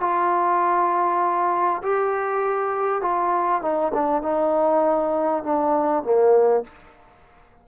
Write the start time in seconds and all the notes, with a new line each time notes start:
0.00 F4
1.82 G4
3.01 F4
3.62 D#4
3.94 D4
4.22 D#4
5.43 D4
6.03 A#3